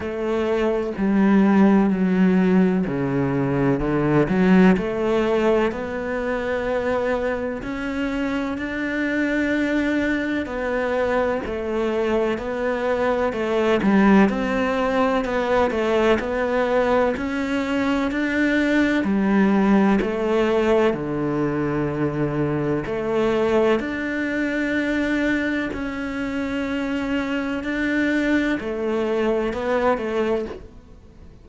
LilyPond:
\new Staff \with { instrumentName = "cello" } { \time 4/4 \tempo 4 = 63 a4 g4 fis4 cis4 | d8 fis8 a4 b2 | cis'4 d'2 b4 | a4 b4 a8 g8 c'4 |
b8 a8 b4 cis'4 d'4 | g4 a4 d2 | a4 d'2 cis'4~ | cis'4 d'4 a4 b8 a8 | }